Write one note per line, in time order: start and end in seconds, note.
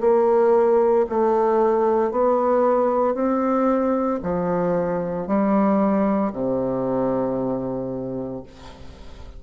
0.00 1.05 A#3
1.09 2.11 A3
2.11 3.14 B3
3.14 4.20 C4
4.22 5.27 F3
5.27 6.32 G3
6.33 8.43 C3